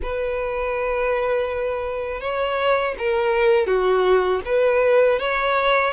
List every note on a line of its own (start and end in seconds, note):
0.02 2.20 B4
2.20 2.95 C#5
2.98 3.66 A#4
3.66 4.40 F#4
4.45 5.19 B4
5.19 5.93 C#5